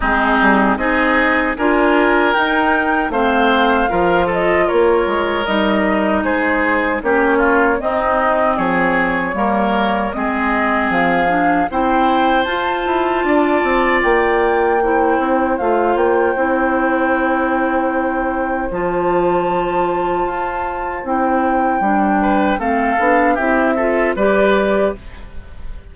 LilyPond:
<<
  \new Staff \with { instrumentName = "flute" } { \time 4/4 \tempo 4 = 77 gis'4 dis''4 gis''4 g''4 | f''4. dis''8 cis''4 dis''4 | c''4 cis''4 dis''4 cis''4~ | cis''4 dis''4 f''4 g''4 |
a''2 g''2 | f''8 g''2.~ g''8 | a''2. g''4~ | g''4 f''4 e''4 d''4 | }
  \new Staff \with { instrumentName = "oboe" } { \time 4/4 dis'4 gis'4 ais'2 | c''4 ais'8 a'8 ais'2 | gis'4 g'8 f'8 dis'4 gis'4 | ais'4 gis'2 c''4~ |
c''4 d''2 c''4~ | c''1~ | c''1~ | c''8 b'8 a'4 g'8 a'8 b'4 | }
  \new Staff \with { instrumentName = "clarinet" } { \time 4/4 c'4 dis'4 f'4 dis'4 | c'4 f'2 dis'4~ | dis'4 cis'4 c'2 | ais4 c'4. d'8 e'4 |
f'2. e'4 | f'4 e'2. | f'2. e'4 | d'4 c'8 d'8 e'8 f'8 g'4 | }
  \new Staff \with { instrumentName = "bassoon" } { \time 4/4 gis8 g8 c'4 d'4 dis'4 | a4 f4 ais8 gis8 g4 | gis4 ais4 c'4 f4 | g4 gis4 f4 c'4 |
f'8 e'8 d'8 c'8 ais4. c'8 | a8 ais8 c'2. | f2 f'4 c'4 | g4 a8 b8 c'4 g4 | }
>>